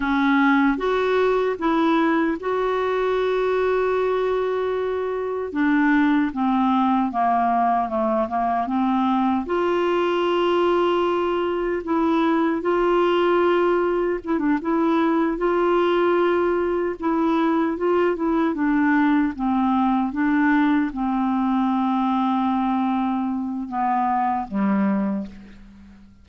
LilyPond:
\new Staff \with { instrumentName = "clarinet" } { \time 4/4 \tempo 4 = 76 cis'4 fis'4 e'4 fis'4~ | fis'2. d'4 | c'4 ais4 a8 ais8 c'4 | f'2. e'4 |
f'2 e'16 d'16 e'4 f'8~ | f'4. e'4 f'8 e'8 d'8~ | d'8 c'4 d'4 c'4.~ | c'2 b4 g4 | }